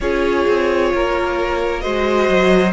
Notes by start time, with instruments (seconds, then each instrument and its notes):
0.00 cello C#4, viola F4, violin G#4 C#5
0.47 cello C4
0.94 cello A#3, violin A#4
1.80 cello G#3, viola F#4, violin C5 D#5
2.29 cello F#3